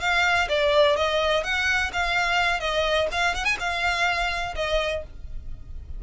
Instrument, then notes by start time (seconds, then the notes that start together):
violin
0.00 F5
0.48 D5
0.96 D#5
1.44 F#5
1.93 F5
2.60 D#5
3.11 F5
3.35 F#5
3.45 G#5
3.60 F5
4.55 D#5